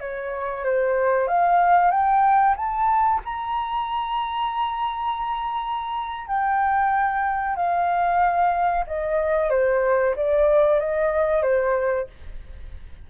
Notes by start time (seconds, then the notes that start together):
0.00 C#5
0.65 C5
1.28 F5
1.91 G5
2.56 A5
3.25 A#5
6.27 G5
7.56 F5
8.87 D#5
9.50 C5
10.16 D5
10.80 D#5
11.43 C5